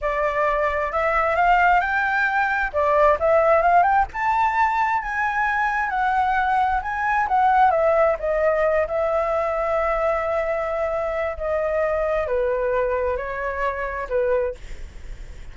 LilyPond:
\new Staff \with { instrumentName = "flute" } { \time 4/4 \tempo 4 = 132 d''2 e''4 f''4 | g''2 d''4 e''4 | f''8 g''8 a''2 gis''4~ | gis''4 fis''2 gis''4 |
fis''4 e''4 dis''4. e''8~ | e''1~ | e''4 dis''2 b'4~ | b'4 cis''2 b'4 | }